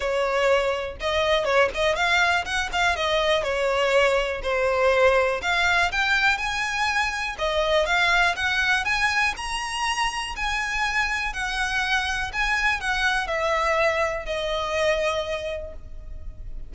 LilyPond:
\new Staff \with { instrumentName = "violin" } { \time 4/4 \tempo 4 = 122 cis''2 dis''4 cis''8 dis''8 | f''4 fis''8 f''8 dis''4 cis''4~ | cis''4 c''2 f''4 | g''4 gis''2 dis''4 |
f''4 fis''4 gis''4 ais''4~ | ais''4 gis''2 fis''4~ | fis''4 gis''4 fis''4 e''4~ | e''4 dis''2. | }